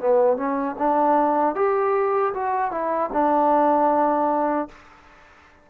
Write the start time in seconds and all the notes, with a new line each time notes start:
0.00 B3
0.37 C#4
0.78 D4
1.55 G4
2.34 F#4
2.71 E4
3.13 D4